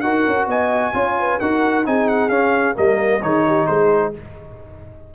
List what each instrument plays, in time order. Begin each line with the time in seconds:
0.00 tuba D#4, trombone F#4, horn A#4, trumpet F#5
0.27 tuba C#4
0.46 tuba B3, horn D#5, trumpet G#5
0.93 tuba C#4, trombone F4, horn C#5
1.19 horn B4
1.39 tuba D#4, trombone F#4, horn A#4, trumpet F#5
1.84 tuba C4, trombone D#4, horn G#4, trumpet G#5
2.07 trumpet F#5
2.29 tuba C#4, trombone C#4, trumpet F5
2.74 tuba G3, trombone A#3, horn A#4, trumpet D#5
3.22 tuba D#3, trombone D#4, horn G#4, trumpet C#5
3.46 horn G4
3.66 tuba G#3, horn G#4, trumpet C5